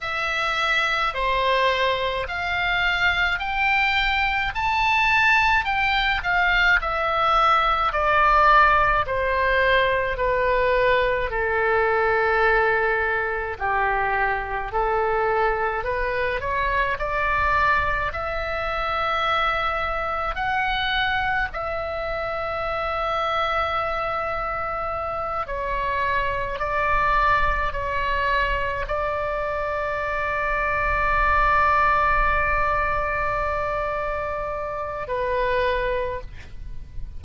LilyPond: \new Staff \with { instrumentName = "oboe" } { \time 4/4 \tempo 4 = 53 e''4 c''4 f''4 g''4 | a''4 g''8 f''8 e''4 d''4 | c''4 b'4 a'2 | g'4 a'4 b'8 cis''8 d''4 |
e''2 fis''4 e''4~ | e''2~ e''8 cis''4 d''8~ | d''8 cis''4 d''2~ d''8~ | d''2. b'4 | }